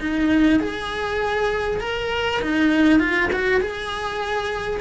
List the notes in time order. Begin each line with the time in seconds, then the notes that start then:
0.00 D#4
0.59 G#4
1.80 A#4
2.41 D#4
2.99 F4
3.33 F#4
3.61 G#4